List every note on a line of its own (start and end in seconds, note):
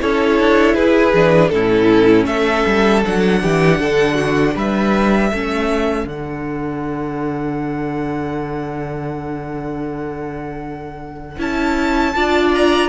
0.00 0.40 C#4
0.00 1.14 E4
0.00 0.75 A4
0.00 0.75 C#5
0.40 0.75 D4
0.75 1.13 E4
0.75 1.50 G#4
0.75 1.49 B4
1.13 1.51 E3
1.13 1.52 D4
1.49 2.26 A2
1.49 3.04 C#4
1.49 2.27 E4
1.49 2.25 A4
2.26 2.64 A3
2.26 3.41 A4
2.26 3.02 E5
2.66 3.04 G3
3.05 3.43 F#3
3.05 5.33 D4
3.05 4.57 F#5
3.42 3.79 E3
3.42 3.80 G4
3.79 4.55 D3
3.79 4.15 A4
4.15 4.53 F#4
4.56 5.31 G3
4.56 5.30 B4
4.56 6.08 E5
5.30 6.05 A3
5.30 6.08 C#4
5.30 12.14 A4
6.05 11.36 D3
6.05 11.38 D4
6.05 11.40 F#5
11.38 12.15 C#4
11.38 12.14 E4
11.38 12.55 A5
12.15 12.89 D4
12.15 12.89 F4
12.15 12.89 D5
12.55 12.89 A#5